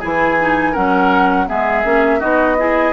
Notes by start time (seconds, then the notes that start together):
0.00 E3 E4 G#4 G#5
0.40 D#4
0.72 F#3 C#4 A#4 F#5
1.47 G#3 B3 G#4 E5
1.84 A#3 C#4
2.20 B3 D#4 F#4 D#5
2.58 E4 G#4